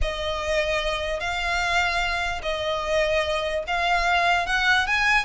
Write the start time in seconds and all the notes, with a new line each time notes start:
0.01 D#5
1.20 F5
2.42 D#5
3.67 F5
4.46 F#5
4.86 G#5